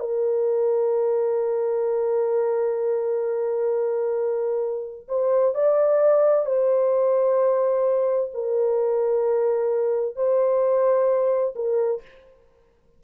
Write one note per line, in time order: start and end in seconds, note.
0.00 5.08 A#4
5.09 5.55 C5
5.55 6.46 D5
6.46 8.31 C5
8.35 10.16 A#4
10.16 11.55 C5
11.56 12.02 A#4